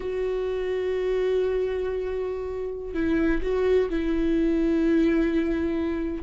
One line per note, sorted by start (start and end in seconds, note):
0.00 2.94 F#4
2.94 3.41 E4
3.41 3.89 F#4
3.89 6.23 E4